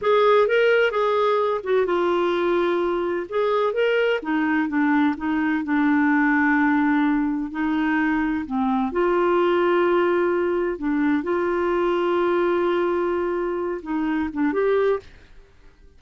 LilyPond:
\new Staff \with { instrumentName = "clarinet" } { \time 4/4 \tempo 4 = 128 gis'4 ais'4 gis'4. fis'8 | f'2. gis'4 | ais'4 dis'4 d'4 dis'4 | d'1 |
dis'2 c'4 f'4~ | f'2. d'4 | f'1~ | f'4. dis'4 d'8 g'4 | }